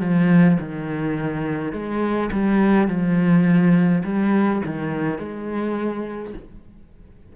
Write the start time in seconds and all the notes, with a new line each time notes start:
0.00 F3
0.60 D#3
1.72 G#3
2.32 G3
2.87 F3
4.04 G3
4.66 D#3
5.18 G#3